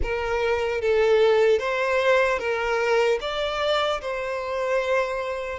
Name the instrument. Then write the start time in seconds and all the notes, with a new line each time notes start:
violin
0.02 A#4
0.81 A4
1.59 C5
2.39 A#4
3.20 D5
4.01 C5